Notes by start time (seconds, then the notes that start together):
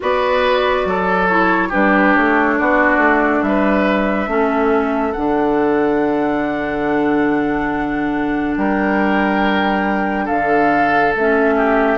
0.00 B3 F#4 B4 D5
0.85 F#3 A4
1.28 E4 C#5
1.68 G3 D4 G4 B4
2.15 A3 C#5
2.57 B3 F#4 D5
2.97 A3
3.42 G3 B4 E5
4.26 A3 C#4 A4
5.12 D3 D4 F#5
8.56 G3 A#4 G5
10.25 D3 A4 F5
11.15 A3 C#4 E5
11.56 G4